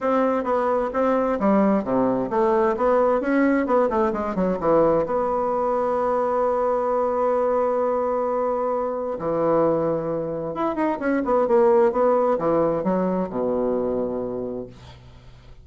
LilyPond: \new Staff \with { instrumentName = "bassoon" } { \time 4/4 \tempo 4 = 131 c'4 b4 c'4 g4 | c4 a4 b4 cis'4 | b8 a8 gis8 fis8 e4 b4~ | b1~ |
b1 | e2. e'8 dis'8 | cis'8 b8 ais4 b4 e4 | fis4 b,2. | }